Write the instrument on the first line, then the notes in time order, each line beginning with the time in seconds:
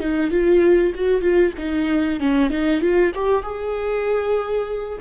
viola
0.00 D#4
0.31 F4
0.95 F#4
1.22 F4
1.58 D#4
2.20 C#4
2.50 D#4
2.81 F4
3.15 G4
3.43 G#4